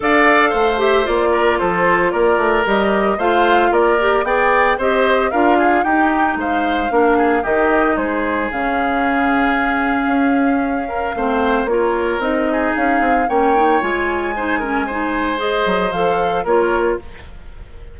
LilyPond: <<
  \new Staff \with { instrumentName = "flute" } { \time 4/4 \tempo 4 = 113 f''4. e''8 d''4 c''4 | d''4 dis''4 f''4 d''4 | g''4 dis''4 f''4 g''4 | f''2 dis''4 c''4 |
f''1~ | f''2 cis''4 dis''4 | f''4 g''4 gis''2~ | gis''4 dis''4 f''4 cis''4 | }
  \new Staff \with { instrumentName = "oboe" } { \time 4/4 d''4 c''4. ais'8 a'4 | ais'2 c''4 ais'4 | d''4 c''4 ais'8 gis'8 g'4 | c''4 ais'8 gis'8 g'4 gis'4~ |
gis'1~ | gis'8 ais'8 c''4 ais'4. gis'8~ | gis'4 cis''2 c''8 ais'8 | c''2. ais'4 | }
  \new Staff \with { instrumentName = "clarinet" } { \time 4/4 a'4. g'8 f'2~ | f'4 g'4 f'4. g'8 | gis'4 g'4 f'4 dis'4~ | dis'4 d'4 dis'2 |
cis'1~ | cis'4 c'4 f'4 dis'4~ | dis'4 cis'8 dis'8 f'4 dis'8 cis'8 | dis'4 gis'4 a'4 f'4 | }
  \new Staff \with { instrumentName = "bassoon" } { \time 4/4 d'4 a4 ais4 f4 | ais8 a8 g4 a4 ais4 | b4 c'4 d'4 dis'4 | gis4 ais4 dis4 gis4 |
cis2. cis'4~ | cis'4 a4 ais4 c'4 | cis'8 c'8 ais4 gis2~ | gis4. fis8 f4 ais4 | }
>>